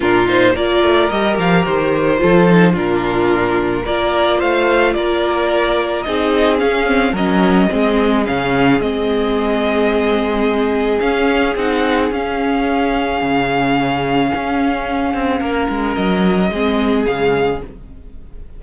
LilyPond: <<
  \new Staff \with { instrumentName = "violin" } { \time 4/4 \tempo 4 = 109 ais'8 c''8 d''4 dis''8 f''8 c''4~ | c''4 ais'2 d''4 | f''4 d''2 dis''4 | f''4 dis''2 f''4 |
dis''1 | f''4 fis''4 f''2~ | f''1~ | f''4 dis''2 f''4 | }
  \new Staff \with { instrumentName = "violin" } { \time 4/4 f'4 ais'2. | a'4 f'2 ais'4 | c''4 ais'2 gis'4~ | gis'4 ais'4 gis'2~ |
gis'1~ | gis'1~ | gis'1 | ais'2 gis'2 | }
  \new Staff \with { instrumentName = "viola" } { \time 4/4 d'8 dis'8 f'4 g'2 | f'8 dis'8 d'2 f'4~ | f'2. dis'4 | cis'8 c'8 cis'4 c'4 cis'4 |
c'1 | cis'4 dis'4 cis'2~ | cis'1~ | cis'2 c'4 gis4 | }
  \new Staff \with { instrumentName = "cello" } { \time 4/4 ais,4 ais8 a8 g8 f8 dis4 | f4 ais,2 ais4 | a4 ais2 c'4 | cis'4 fis4 gis4 cis4 |
gis1 | cis'4 c'4 cis'2 | cis2 cis'4. c'8 | ais8 gis8 fis4 gis4 cis4 | }
>>